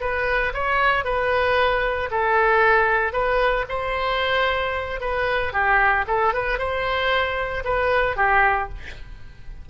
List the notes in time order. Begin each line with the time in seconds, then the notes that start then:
0.00 B4
0.54 C#5
1.04 B4
2.11 A4
3.12 B4
3.69 C5
5.00 B4
5.53 G4
6.07 A4
6.33 B4
6.58 C5
7.64 B4
8.16 G4